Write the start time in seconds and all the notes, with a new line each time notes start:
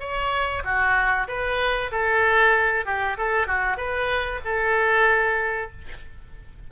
0.00 C#5
0.64 F#4
1.28 B4
1.91 A4
2.86 G4
3.18 A4
3.47 F#4
3.77 B4
4.45 A4